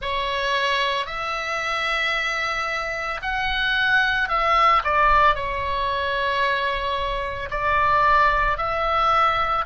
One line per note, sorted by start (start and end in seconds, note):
0.01 1.06 C#5
1.06 3.20 E5
3.21 4.29 F#5
4.29 4.82 E5
4.84 5.35 D5
5.35 7.49 C#5
7.50 8.57 D5
8.57 9.64 E5